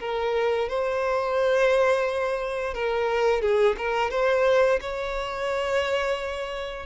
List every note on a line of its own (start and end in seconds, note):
0.00 0.69 A#4
0.69 2.74 C5
2.74 3.41 A#4
3.41 3.76 G#4
3.78 4.11 A#4
4.11 4.80 C5
4.81 6.86 C#5